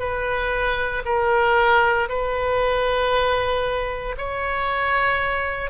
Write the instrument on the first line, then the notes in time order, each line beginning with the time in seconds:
oboe
0.00 B4
1.05 A#4
2.09 B4
4.18 C#5